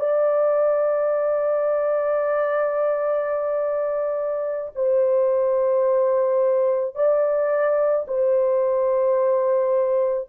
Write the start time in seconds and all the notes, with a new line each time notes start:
0.00 D5
4.76 C5
6.95 D5
8.08 C5